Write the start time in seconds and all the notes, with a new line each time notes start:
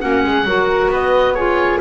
0.00 A#3 C#4 F#4 F#5
0.24 G#3 G#4
0.45 F#3 F#4 A#4
0.88 B3 B4 D#5
1.34 F4 G#4 C#5